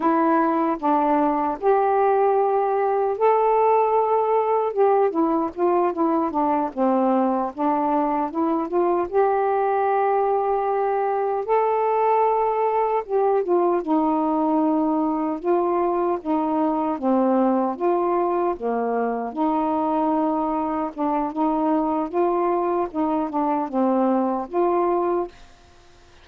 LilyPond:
\new Staff \with { instrumentName = "saxophone" } { \time 4/4 \tempo 4 = 76 e'4 d'4 g'2 | a'2 g'8 e'8 f'8 e'8 | d'8 c'4 d'4 e'8 f'8 g'8~ | g'2~ g'8 a'4.~ |
a'8 g'8 f'8 dis'2 f'8~ | f'8 dis'4 c'4 f'4 ais8~ | ais8 dis'2 d'8 dis'4 | f'4 dis'8 d'8 c'4 f'4 | }